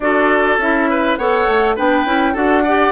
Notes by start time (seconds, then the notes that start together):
0.00 D4 F#4 A4 D5
0.57 C#4 E4 E5
0.89 B4
1.16 B3 A4 C#5 F#5
1.47 A3
1.75 B3 D4 B4 G5
2.05 C#4 E4
2.33 D4 F#4 A4 F#5
2.63 G4 D5